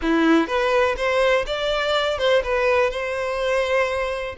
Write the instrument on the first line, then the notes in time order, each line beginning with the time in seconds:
violin
0.02 E4
0.47 B4
0.96 C5
1.46 D5
2.18 C5
2.43 B4
2.90 C5